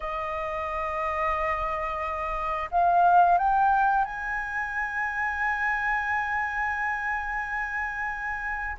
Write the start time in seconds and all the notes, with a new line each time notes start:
0.00 D#5
2.71 F5
3.38 G5
4.04 G#5